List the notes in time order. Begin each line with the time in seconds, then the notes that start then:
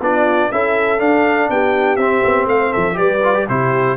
0.00 B3 D4 F4 D5
0.52 C#4 E4 A4 E5
0.99 D4 F5
1.49 B3 G4 G5
1.96 C4 E5
2.24 B3
2.46 A3 C5 F5
2.71 F3 A4 E5
2.94 G3 G4 B4 D5
3.24 F4
3.34 G4
3.48 C3 E4 G4 C5